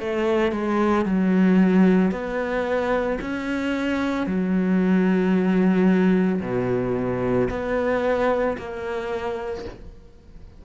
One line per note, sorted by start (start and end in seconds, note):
0.00 0.52 A3
0.52 1.06 G#3
1.06 2.12 F#3
2.12 3.19 B3
3.21 4.27 C#4
4.27 6.41 F#3
6.42 7.49 B2
7.50 8.57 B3
8.58 9.65 A#3